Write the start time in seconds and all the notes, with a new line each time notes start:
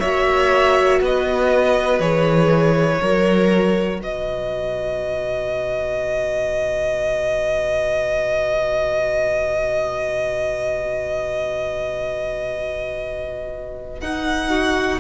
0.00 A#3 F#4 C#5 E5
1.01 B3 B4 D#5
1.99 E3 G#4 C#5
3.01 F#3 F#4 A#4
4.01 B2 B4 D#5
14.01 D#4 F#5
14.49 F#4